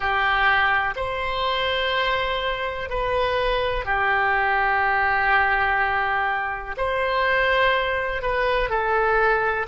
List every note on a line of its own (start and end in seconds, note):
0.00 0.94 G4
0.96 2.89 C5
2.89 3.85 B4
3.85 6.75 G4
6.77 8.22 C5
8.22 8.69 B4
8.69 9.66 A4